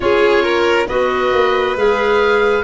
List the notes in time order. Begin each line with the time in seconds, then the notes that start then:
0.00 C#4 F4 G#4 C#5
0.42 A#4
0.87 B3 F#4 B4 D#5
1.32 A#3
1.76 G#3 G#4 F5